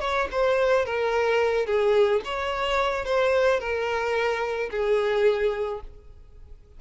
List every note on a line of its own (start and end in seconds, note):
0.00 0.28 C#5
0.32 0.85 C5
0.85 1.66 A#4
1.66 2.21 G#4
2.24 3.05 C#5
3.05 3.60 C5
3.60 4.70 A#4
4.70 5.80 G#4